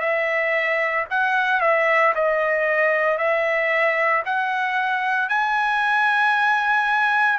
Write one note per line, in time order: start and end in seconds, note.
0.00 1.05 E5
1.11 1.61 F#5
1.61 2.13 E5
2.15 3.18 D#5
3.18 4.23 E5
4.26 5.29 F#5
5.29 7.39 G#5